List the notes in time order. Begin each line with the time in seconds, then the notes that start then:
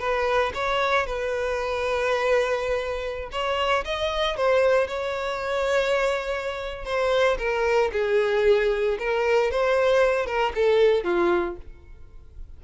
0.00 B4
0.55 C#5
1.07 B4
3.32 C#5
3.85 D#5
4.37 C5
4.88 C#5
6.85 C5
7.39 A#4
7.93 G#4
9.00 A#4
9.51 C5
10.27 A#4
10.55 A4
11.04 F4